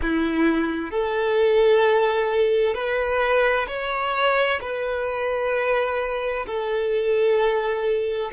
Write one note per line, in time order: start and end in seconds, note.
0.02 0.90 E4
0.90 2.74 A4
2.74 3.66 B4
3.67 4.59 C#5
4.61 6.46 B4
6.46 8.31 A4